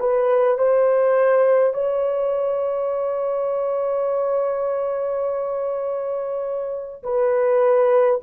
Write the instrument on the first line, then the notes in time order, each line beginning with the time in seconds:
horn
0.00 B4
0.58 C5
1.74 C#5
7.04 B4